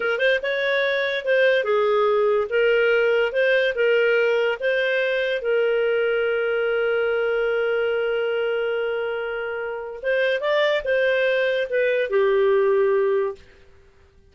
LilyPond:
\new Staff \with { instrumentName = "clarinet" } { \time 4/4 \tempo 4 = 144 ais'8 c''8 cis''2 c''4 | gis'2 ais'2 | c''4 ais'2 c''4~ | c''4 ais'2.~ |
ais'1~ | ais'1 | c''4 d''4 c''2 | b'4 g'2. | }